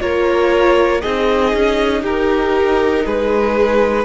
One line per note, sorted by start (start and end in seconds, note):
0.00 1.04 A#3
0.00 1.02 F4
0.00 1.02 A#4
0.00 1.01 C#5
1.01 1.54 C4
1.01 4.05 D#4
1.01 2.03 G#4
1.01 2.03 D#5
1.54 2.03 C#4
2.03 3.05 D#4
2.03 3.04 G4
2.03 3.07 A#4
3.06 4.05 G#3
3.06 4.05 G#4
3.06 4.05 B4